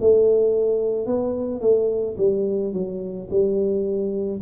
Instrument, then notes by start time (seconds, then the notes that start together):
tuba
0.00 A3
1.06 B3
1.61 A3
2.18 G3
2.73 F#3
3.30 G3